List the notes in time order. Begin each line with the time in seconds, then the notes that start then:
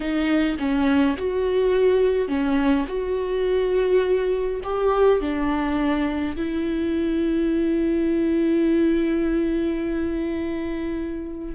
0.00 D#4
0.58 C#4
1.17 F#4
2.28 C#4
2.87 F#4
4.63 G4
5.20 D4
6.36 E4